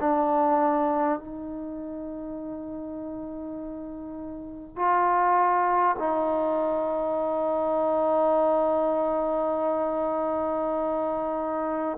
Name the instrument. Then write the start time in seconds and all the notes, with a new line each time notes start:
trombone
0.00 D4
1.19 D#4
4.76 F4
5.98 D#4